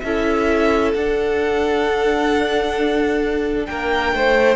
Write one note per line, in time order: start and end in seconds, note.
0.00 0.95 C#4
0.00 0.96 E4
0.00 3.68 A4
0.00 0.91 E5
0.94 3.68 D4
0.94 4.56 D4
0.94 3.66 F#5
3.66 4.12 A#3
3.66 4.15 A#4
3.66 4.56 G5
4.12 4.56 A3
4.12 4.56 C5